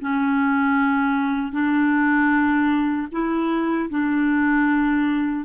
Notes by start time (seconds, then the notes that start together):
0.00 C#4
1.52 D4
3.11 E4
3.90 D4